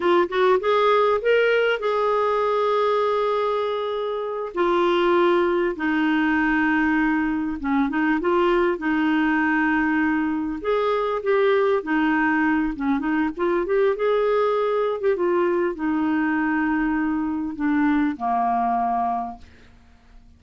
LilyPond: \new Staff \with { instrumentName = "clarinet" } { \time 4/4 \tempo 4 = 99 f'8 fis'8 gis'4 ais'4 gis'4~ | gis'2.~ gis'8 f'8~ | f'4. dis'2~ dis'8~ | dis'8 cis'8 dis'8 f'4 dis'4.~ |
dis'4. gis'4 g'4 dis'8~ | dis'4 cis'8 dis'8 f'8 g'8 gis'4~ | gis'8. g'16 f'4 dis'2~ | dis'4 d'4 ais2 | }